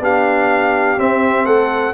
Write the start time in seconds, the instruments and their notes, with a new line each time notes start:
0.00 tuba B3, trombone D4, horn G4, trumpet F5
0.98 tuba C4, trombone C4, trumpet E5
1.45 tuba A3, horn A4, trumpet F#5